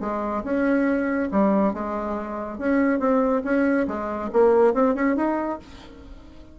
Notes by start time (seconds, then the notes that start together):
0.00 G#3
0.44 C#4
1.31 G3
1.73 G#3
2.58 C#4
2.99 C4
3.44 C#4
3.87 G#3
4.32 A#3
4.74 C4
4.95 C#4
5.16 D#4